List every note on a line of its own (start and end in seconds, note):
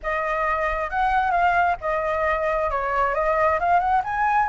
0.02 0.90 D#5
0.90 1.31 F#5
1.31 1.76 F5
1.81 2.70 D#5
2.70 3.14 C#5
3.14 3.59 D#5
3.59 3.79 F5
3.79 4.02 F#5
4.04 4.49 G#5